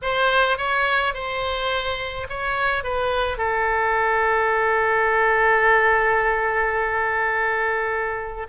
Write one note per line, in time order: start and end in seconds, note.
0.02 0.57 C5
0.57 1.13 C#5
1.13 2.27 C5
2.29 2.83 C#5
2.83 3.37 B4
3.37 8.46 A4